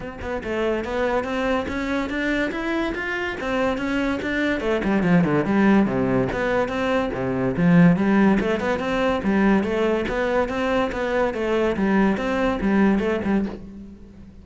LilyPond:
\new Staff \with { instrumentName = "cello" } { \time 4/4 \tempo 4 = 143 c'8 b8 a4 b4 c'4 | cis'4 d'4 e'4 f'4 | c'4 cis'4 d'4 a8 g8 | f8 d8 g4 c4 b4 |
c'4 c4 f4 g4 | a8 b8 c'4 g4 a4 | b4 c'4 b4 a4 | g4 c'4 g4 a8 g8 | }